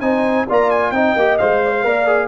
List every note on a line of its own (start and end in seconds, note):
0.00 0.46 C4
0.00 0.47 D#4
0.00 0.48 C5
0.00 0.45 G#5
0.48 0.91 A#3
0.48 0.94 F4
0.48 0.93 D5
0.48 0.70 A#5
0.70 0.91 G#5
0.91 1.13 C4
0.91 1.17 D#4
0.91 1.63 D#5
0.91 1.37 G5
1.15 1.38 A#3
1.15 1.40 G4
1.37 1.84 G#3
1.37 1.84 C5
1.37 2.27 F5
1.64 1.70 D5
1.70 1.81 C5
1.84 2.27 A#3
1.84 2.06 A#4
1.84 2.27 D5
2.06 2.27 G#4